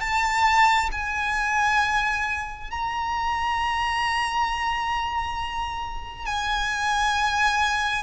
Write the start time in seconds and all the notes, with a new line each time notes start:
0.00 A5
0.92 G#5
2.71 A#5
6.26 G#5